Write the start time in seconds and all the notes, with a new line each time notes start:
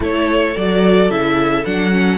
0.00 A3 E4 A4 C#5
0.56 F#3 F#4 D5
1.09 C#3 E4 E5
1.65 F#3 D4 F#5
1.92 C#4